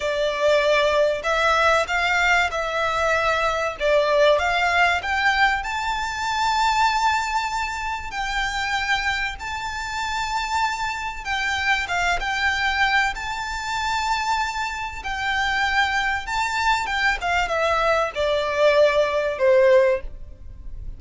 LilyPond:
\new Staff \with { instrumentName = "violin" } { \time 4/4 \tempo 4 = 96 d''2 e''4 f''4 | e''2 d''4 f''4 | g''4 a''2.~ | a''4 g''2 a''4~ |
a''2 g''4 f''8 g''8~ | g''4 a''2. | g''2 a''4 g''8 f''8 | e''4 d''2 c''4 | }